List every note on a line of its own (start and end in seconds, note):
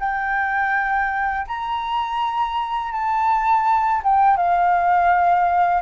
0.00 1.46 G5
1.47 2.92 A#5
2.92 4.02 A5
4.04 4.37 G5
4.37 5.82 F5